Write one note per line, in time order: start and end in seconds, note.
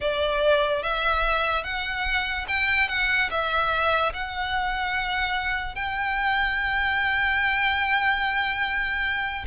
0.00 0.82 D5
0.82 1.63 E5
1.63 2.45 F#5
2.48 2.88 G5
2.88 3.29 F#5
3.30 4.12 E5
4.13 5.75 F#5
5.75 9.45 G5